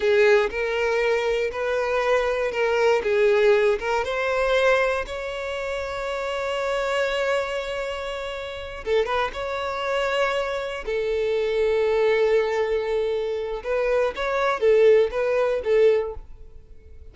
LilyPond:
\new Staff \with { instrumentName = "violin" } { \time 4/4 \tempo 4 = 119 gis'4 ais'2 b'4~ | b'4 ais'4 gis'4. ais'8 | c''2 cis''2~ | cis''1~ |
cis''4. a'8 b'8 cis''4.~ | cis''4. a'2~ a'8~ | a'2. b'4 | cis''4 a'4 b'4 a'4 | }